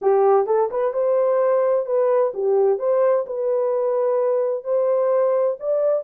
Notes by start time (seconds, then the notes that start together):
0.01 G4
0.46 A4
0.71 B4
0.93 C5
1.86 B4
2.34 G4
2.78 C5
3.26 B4
4.64 C5
5.59 D5